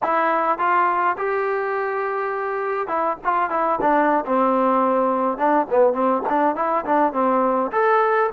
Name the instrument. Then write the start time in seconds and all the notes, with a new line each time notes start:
trombone
0.02 E4
0.58 F4
1.17 G4
2.87 E4
3.24 F4
3.50 E4
3.81 D4
4.25 C4
5.37 D4
5.69 B3
5.93 C4
6.29 D4
6.55 E4
6.85 D4
7.12 C4
7.71 A4